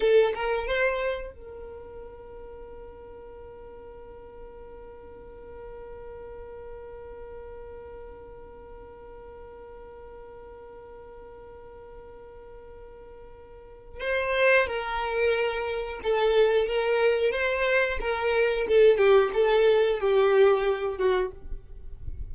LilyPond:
\new Staff \with { instrumentName = "violin" } { \time 4/4 \tempo 4 = 90 a'8 ais'8 c''4 ais'2~ | ais'1~ | ais'1~ | ais'1~ |
ais'1~ | ais'4 c''4 ais'2 | a'4 ais'4 c''4 ais'4 | a'8 g'8 a'4 g'4. fis'8 | }